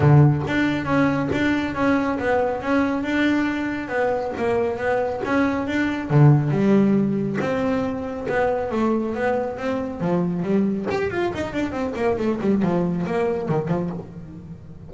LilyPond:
\new Staff \with { instrumentName = "double bass" } { \time 4/4 \tempo 4 = 138 d4 d'4 cis'4 d'4 | cis'4 b4 cis'4 d'4~ | d'4 b4 ais4 b4 | cis'4 d'4 d4 g4~ |
g4 c'2 b4 | a4 b4 c'4 f4 | g4 g'8 f'8 dis'8 d'8 c'8 ais8 | a8 g8 f4 ais4 dis8 f8 | }